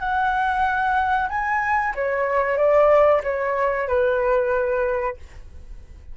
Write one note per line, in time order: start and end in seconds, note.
0.00 1.29 F#5
1.30 1.94 G#5
1.95 2.58 C#5
2.58 3.22 D5
3.24 3.88 C#5
3.89 5.18 B4